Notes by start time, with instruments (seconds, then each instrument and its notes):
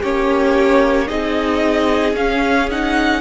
0.00 cello A#3, viola C#4, violin G4 C#5
1.08 cello C4, viola D#4, violin G#4 D#5
2.13 cello C#4, viola C#4, violin F5
2.70 viola D#4, violin F#5